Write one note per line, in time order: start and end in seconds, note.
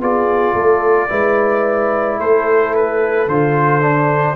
0.00 0.55 B3
0.00 1.09 F4
0.00 0.55 G#4
0.00 2.20 D5
0.55 1.09 A3
0.55 1.10 A4
1.09 2.19 G#3
1.09 3.27 E4
1.09 2.20 B4
2.19 3.28 A3
2.19 4.36 A4
2.19 2.75 C5
2.75 3.29 B4
3.28 4.36 D3
3.28 3.81 F4
3.28 4.36 C5
3.81 4.36 D4